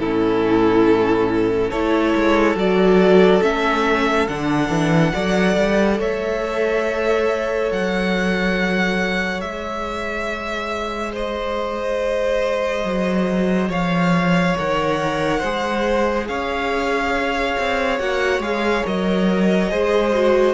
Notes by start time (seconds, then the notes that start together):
0.00 A2 C#4 E4 A4
1.70 A3 E4 A4 C#5
2.16 G#3
2.56 F#3 F#4 D5
3.42 A3 C#4 E5
4.28 D3 D4 F#5
4.69 E3
5.14 F#3 A4 D5
5.57 G3
5.99 A3 C#5 E5
7.72 F#3 F#5
9.41 G#3 G#4 E5
11.13 C5 D#5
12.85 F#3
13.70 F3 C#5 F5
14.58 D#3 A#4 F#5
15.40 G#3 G#4 C5
16.28 C#4 C#5 F5
17.59 C4
17.99 A#3 F#4 F#5
18.40 G#3 G#4 F5
18.85 F#3 A#4 D#5
19.71 G#3 G#4 C5
20.14 F#4